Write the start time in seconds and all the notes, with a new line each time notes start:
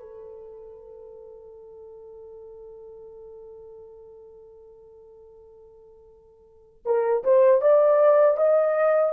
0.00 A4
6.85 A#4
7.24 C5
7.61 D5
8.36 D#5